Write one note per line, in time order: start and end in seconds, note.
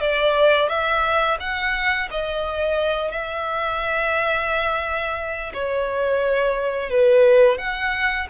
0.00 0.68 D5
0.68 1.37 E5
1.39 2.08 F#5
2.10 3.11 D#5
3.11 5.52 E5
5.53 6.90 C#5
6.90 7.58 B4
7.58 8.27 F#5